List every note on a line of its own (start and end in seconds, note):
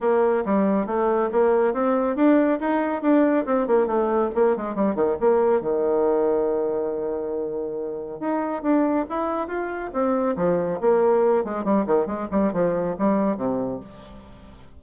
0.00 0.44 A#3
0.45 0.86 G3
0.86 1.29 A3
1.32 1.73 A#3
1.73 2.16 C4
2.16 2.59 D4
2.60 3.02 D#4
3.02 3.45 D4
3.45 3.67 C4
3.67 3.86 A#3
3.86 4.29 A3
4.34 4.56 A#3
4.56 4.75 G#3
4.75 4.95 G3
4.95 5.16 D#3
5.20 5.61 A#3
5.61 8.20 D#3
8.20 8.62 D#4
8.62 9.05 D4
9.09 9.47 E4
9.47 9.91 F4
9.93 10.36 C4
10.36 10.79 F3
10.80 11.44 A#3
11.44 11.64 G#3
11.64 11.85 G3
11.86 12.06 D#3
12.06 12.28 G#3
12.31 12.52 G3
12.53 12.96 F3
12.98 13.36 G3
13.36 13.80 C3